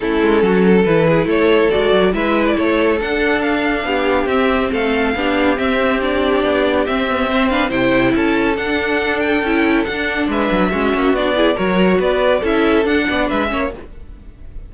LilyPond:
<<
  \new Staff \with { instrumentName = "violin" } { \time 4/4 \tempo 4 = 140 a'2 b'4 cis''4 | d''4 e''8. d''16 cis''4 fis''4 | f''2 e''4 f''4~ | f''4 e''4 d''2 |
e''4. f''8 g''4 a''4 | fis''4. g''4. fis''4 | e''2 d''4 cis''4 | d''4 e''4 fis''4 e''4 | }
  \new Staff \with { instrumentName = "violin" } { \time 4/4 e'4 fis'8 a'4 gis'8 a'4~ | a'4 b'4 a'2~ | a'4 g'2 a'4 | g'1~ |
g'4 c''8 b'8 c''4 a'4~ | a'1 | b'4 fis'4. gis'8 ais'4 | b'4 a'4. d''8 b'8 cis''8 | }
  \new Staff \with { instrumentName = "viola" } { \time 4/4 cis'2 e'2 | fis'4 e'2 d'4~ | d'2 c'2 | d'4 c'4 d'2 |
c'8 b8 c'8 d'8 e'2 | d'2 e'4 d'4~ | d'4 cis'4 d'8 e'8 fis'4~ | fis'4 e'4 d'4. cis'8 | }
  \new Staff \with { instrumentName = "cello" } { \time 4/4 a8 gis8 fis4 e4 a4 | gis8 fis8 gis4 a4 d'4~ | d'4 b4 c'4 a4 | b4 c'2 b4 |
c'2 c4 cis'4 | d'2 cis'4 d'4 | gis8 fis8 gis8 ais8 b4 fis4 | b4 cis'4 d'8 b8 gis8 ais8 | }
>>